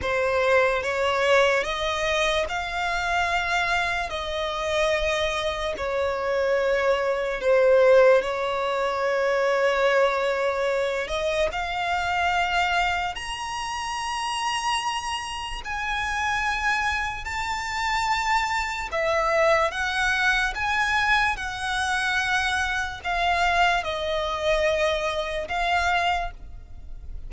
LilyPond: \new Staff \with { instrumentName = "violin" } { \time 4/4 \tempo 4 = 73 c''4 cis''4 dis''4 f''4~ | f''4 dis''2 cis''4~ | cis''4 c''4 cis''2~ | cis''4. dis''8 f''2 |
ais''2. gis''4~ | gis''4 a''2 e''4 | fis''4 gis''4 fis''2 | f''4 dis''2 f''4 | }